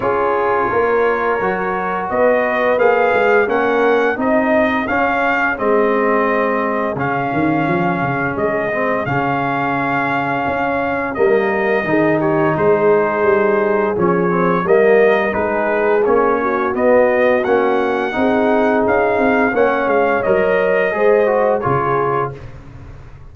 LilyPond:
<<
  \new Staff \with { instrumentName = "trumpet" } { \time 4/4 \tempo 4 = 86 cis''2. dis''4 | f''4 fis''4 dis''4 f''4 | dis''2 f''2 | dis''4 f''2. |
dis''4. cis''8 c''2 | cis''4 dis''4 b'4 cis''4 | dis''4 fis''2 f''4 | fis''8 f''8 dis''2 cis''4 | }
  \new Staff \with { instrumentName = "horn" } { \time 4/4 gis'4 ais'2 b'4~ | b'4 ais'4 gis'2~ | gis'1~ | gis'1 |
ais'4 gis'8 g'8 gis'2~ | gis'4 ais'4 gis'4. fis'8~ | fis'2 gis'2 | cis''2 c''4 gis'4 | }
  \new Staff \with { instrumentName = "trombone" } { \time 4/4 f'2 fis'2 | gis'4 cis'4 dis'4 cis'4 | c'2 cis'2~ | cis'8 c'8 cis'2. |
ais4 dis'2. | cis'8 c'8 ais4 dis'4 cis'4 | b4 cis'4 dis'2 | cis'4 ais'4 gis'8 fis'8 f'4 | }
  \new Staff \with { instrumentName = "tuba" } { \time 4/4 cis'4 ais4 fis4 b4 | ais8 gis8 ais4 c'4 cis'4 | gis2 cis8 dis8 f8 cis8 | gis4 cis2 cis'4 |
g4 dis4 gis4 g4 | f4 g4 gis4 ais4 | b4 ais4 c'4 cis'8 c'8 | ais8 gis8 fis4 gis4 cis4 | }
>>